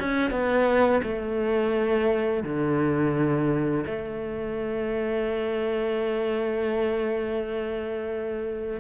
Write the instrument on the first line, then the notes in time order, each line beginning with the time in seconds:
cello
0.00 C#4
0.31 B3
1.03 A3
2.44 D3
3.86 A3